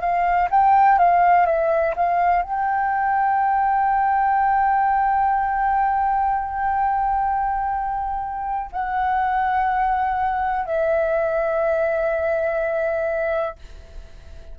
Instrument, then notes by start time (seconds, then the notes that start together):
flute
0.00 F5
0.51 G5
0.99 F5
1.46 E5
1.96 F5
2.42 G5
8.72 F#5
10.65 E5